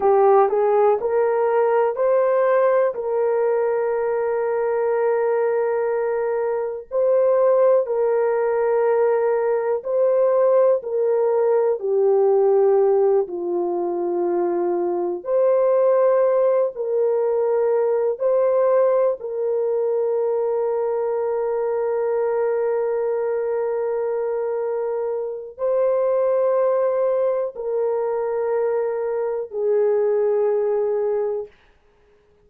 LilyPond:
\new Staff \with { instrumentName = "horn" } { \time 4/4 \tempo 4 = 61 g'8 gis'8 ais'4 c''4 ais'4~ | ais'2. c''4 | ais'2 c''4 ais'4 | g'4. f'2 c''8~ |
c''4 ais'4. c''4 ais'8~ | ais'1~ | ais'2 c''2 | ais'2 gis'2 | }